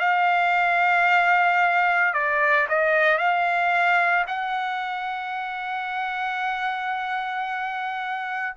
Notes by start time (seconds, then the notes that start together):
0.00 F5
2.14 D5
2.69 D#5
3.19 F5
4.28 F#5